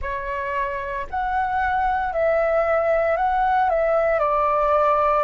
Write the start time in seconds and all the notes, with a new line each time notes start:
0.01 C#5
1.10 F#5
2.12 E5
3.16 F#5
3.69 E5
4.19 D5